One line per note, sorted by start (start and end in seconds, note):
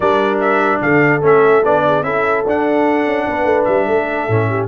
0.00 0.81 G3
0.00 1.22 D4
0.00 0.81 A#4
0.00 0.39 D5
0.40 0.81 E5
0.81 1.22 D3
0.81 1.85 A4
0.81 1.22 F5
1.22 1.63 A3
1.22 1.62 C#4
1.22 1.64 E5
1.63 2.02 B3
1.63 2.03 D4
1.63 2.03 D5
1.85 2.04 G#4
2.02 2.43 C#4
2.02 2.44 E4
2.02 3.26 A4
2.02 2.44 E5
2.45 3.06 D4
2.45 4.30 D4
2.45 3.64 F#5
3.06 3.26 C#4
3.27 3.44 B3
3.27 3.86 B4
3.44 3.64 A3
3.64 3.87 G3
3.64 4.66 E5
3.86 4.28 A3
3.86 4.47 A4
4.28 4.68 A2
4.28 4.68 C#4
4.48 4.68 G4